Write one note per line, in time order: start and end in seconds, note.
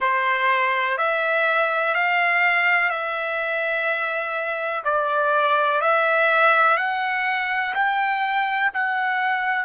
0.00 0.97 C5
0.97 1.94 E5
1.94 2.89 F5
2.89 4.83 E5
4.84 5.81 D5
5.81 6.77 E5
6.77 7.74 F#5
7.74 8.71 G5
8.73 9.65 F#5